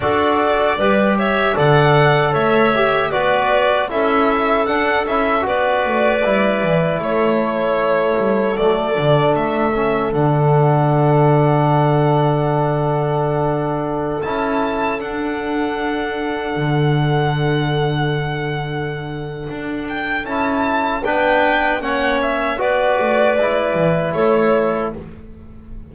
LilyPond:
<<
  \new Staff \with { instrumentName = "violin" } { \time 4/4 \tempo 4 = 77 d''4. e''8 fis''4 e''4 | d''4 e''4 fis''8 e''8 d''4~ | d''4 cis''2 d''4 | e''4 fis''2.~ |
fis''2~ fis''16 a''4 fis''8.~ | fis''1~ | fis''4. g''8 a''4 g''4 | fis''8 e''8 d''2 cis''4 | }
  \new Staff \with { instrumentName = "clarinet" } { \time 4/4 a'4 b'8 cis''8 d''4 cis''4 | b'4 a'2 b'4~ | b'4 a'2.~ | a'1~ |
a'1~ | a'1~ | a'2. b'4 | cis''4 b'2 a'4 | }
  \new Staff \with { instrumentName = "trombone" } { \time 4/4 fis'4 g'4 a'4. g'8 | fis'4 e'4 d'8 e'8 fis'4 | e'2. a8 d'8~ | d'8 cis'8 d'2.~ |
d'2~ d'16 e'4 d'8.~ | d'1~ | d'2 e'4 d'4 | cis'4 fis'4 e'2 | }
  \new Staff \with { instrumentName = "double bass" } { \time 4/4 d'4 g4 d4 a4 | b4 cis'4 d'8 cis'8 b8 a8 | g8 e8 a4. g8 fis8 d8 | a4 d2.~ |
d2~ d16 cis'4 d'8.~ | d'4~ d'16 d2~ d8.~ | d4 d'4 cis'4 b4 | ais4 b8 a8 gis8 e8 a4 | }
>>